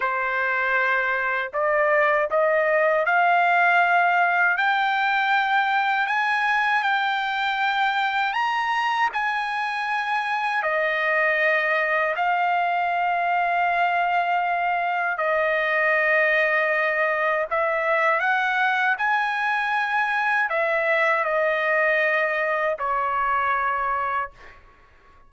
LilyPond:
\new Staff \with { instrumentName = "trumpet" } { \time 4/4 \tempo 4 = 79 c''2 d''4 dis''4 | f''2 g''2 | gis''4 g''2 ais''4 | gis''2 dis''2 |
f''1 | dis''2. e''4 | fis''4 gis''2 e''4 | dis''2 cis''2 | }